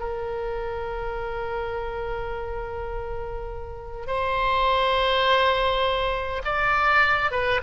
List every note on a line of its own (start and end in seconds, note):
0.00 4.07 A#4
4.07 6.43 C5
6.45 7.31 D5
7.31 7.61 B4